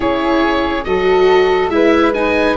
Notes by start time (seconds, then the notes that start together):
0.00 C#4 E4 G#4 C#5
0.84 F#3 F#4 A4 D#5
1.68 G#3 E4 E5
1.74 B4
2.14 D#4 G#5